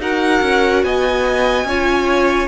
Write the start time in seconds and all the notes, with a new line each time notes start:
0.00 D#4 F#4 A#4 F#5
0.42 C#4
0.84 B3 D#5 G#5
1.64 C#4 F4 C#5